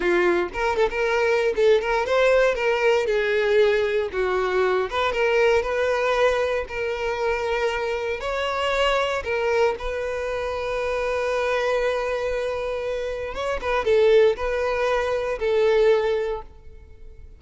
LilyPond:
\new Staff \with { instrumentName = "violin" } { \time 4/4 \tempo 4 = 117 f'4 ais'8 a'16 ais'4~ ais'16 a'8 ais'8 | c''4 ais'4 gis'2 | fis'4. b'8 ais'4 b'4~ | b'4 ais'2. |
cis''2 ais'4 b'4~ | b'1~ | b'2 cis''8 b'8 a'4 | b'2 a'2 | }